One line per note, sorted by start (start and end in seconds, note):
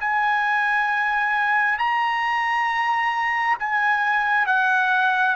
0.00 1.79 G#5
1.79 3.58 A#5
3.59 4.47 G#5
4.47 5.36 F#5